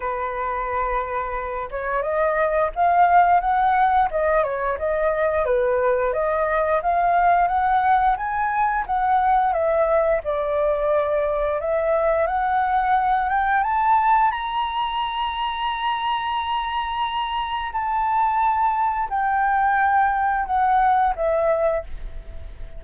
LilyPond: \new Staff \with { instrumentName = "flute" } { \time 4/4 \tempo 4 = 88 b'2~ b'8 cis''8 dis''4 | f''4 fis''4 dis''8 cis''8 dis''4 | b'4 dis''4 f''4 fis''4 | gis''4 fis''4 e''4 d''4~ |
d''4 e''4 fis''4. g''8 | a''4 ais''2.~ | ais''2 a''2 | g''2 fis''4 e''4 | }